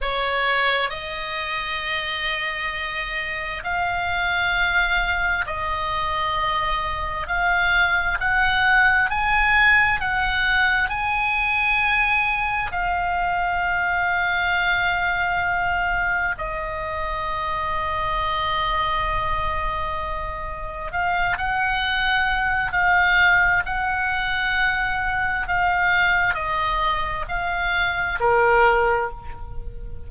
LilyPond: \new Staff \with { instrumentName = "oboe" } { \time 4/4 \tempo 4 = 66 cis''4 dis''2. | f''2 dis''2 | f''4 fis''4 gis''4 fis''4 | gis''2 f''2~ |
f''2 dis''2~ | dis''2. f''8 fis''8~ | fis''4 f''4 fis''2 | f''4 dis''4 f''4 ais'4 | }